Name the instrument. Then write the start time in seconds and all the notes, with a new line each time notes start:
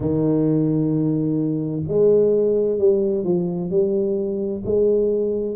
tuba
0.00 D#3
1.88 G#3
2.78 G3
3.23 F3
3.70 G3
4.65 G#3